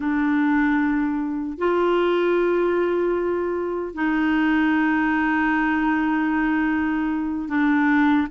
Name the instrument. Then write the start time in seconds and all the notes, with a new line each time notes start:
clarinet
0.00 D4
1.58 F4
3.93 D#4
7.48 D4